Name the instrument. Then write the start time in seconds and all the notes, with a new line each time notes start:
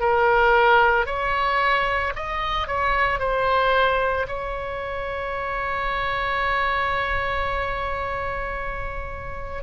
oboe
0.00 A#4
1.06 C#5
2.16 D#5
2.67 C#5
3.19 C5
4.28 C#5